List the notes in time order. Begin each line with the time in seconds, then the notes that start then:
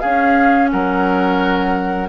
0.00 C#4 G#4 F5
0.71 F#3 A#4 F#5